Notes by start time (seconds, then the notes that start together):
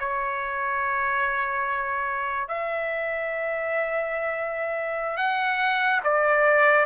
0.00 C#5
2.48 E5
5.17 F#5
6.04 D5